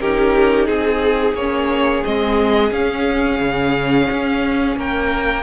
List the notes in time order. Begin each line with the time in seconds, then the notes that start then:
0.00 C#4 D#4 G4 A#4
0.66 C4 G#4
1.34 A#3 C#4 C#5
2.04 G#3 C4 D#5
2.71 C#4 F5
3.40 C#3
4.11 C#4
4.76 A#3 A#4 G5